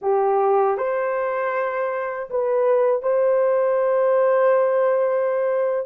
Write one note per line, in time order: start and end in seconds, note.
0.01 0.77 G4
0.77 2.29 C5
2.30 3.02 B4
3.02 5.86 C5